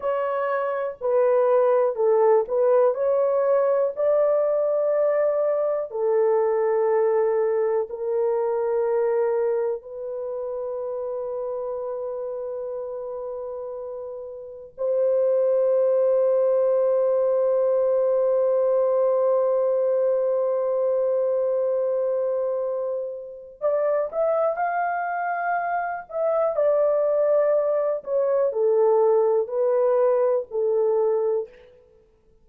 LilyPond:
\new Staff \with { instrumentName = "horn" } { \time 4/4 \tempo 4 = 61 cis''4 b'4 a'8 b'8 cis''4 | d''2 a'2 | ais'2 b'2~ | b'2. c''4~ |
c''1~ | c''1 | d''8 e''8 f''4. e''8 d''4~ | d''8 cis''8 a'4 b'4 a'4 | }